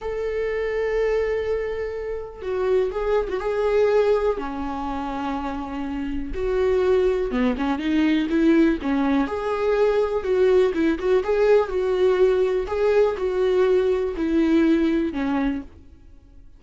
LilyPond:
\new Staff \with { instrumentName = "viola" } { \time 4/4 \tempo 4 = 123 a'1~ | a'4 fis'4 gis'8. fis'16 gis'4~ | gis'4 cis'2.~ | cis'4 fis'2 b8 cis'8 |
dis'4 e'4 cis'4 gis'4~ | gis'4 fis'4 e'8 fis'8 gis'4 | fis'2 gis'4 fis'4~ | fis'4 e'2 cis'4 | }